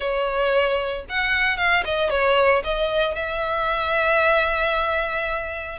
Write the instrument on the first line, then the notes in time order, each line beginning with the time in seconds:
violin
0.00 C#5
1.09 F#5
1.57 F5
1.84 D#5
2.10 C#5
2.64 D#5
3.15 E5